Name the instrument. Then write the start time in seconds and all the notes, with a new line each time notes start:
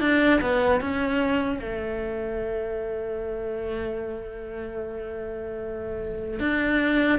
cello
0.00 D4
0.41 B3
0.81 C#4
1.59 A3
6.39 D4